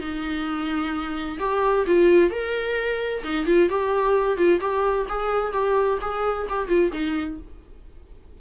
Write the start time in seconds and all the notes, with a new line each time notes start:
0.00 D#4
1.40 G4
1.87 F4
2.31 A#4
3.24 D#4
3.46 F4
3.69 G4
4.37 F4
4.60 G4
5.09 G#4
5.53 G4
6.01 G#4
6.50 G4
6.68 F4
6.93 D#4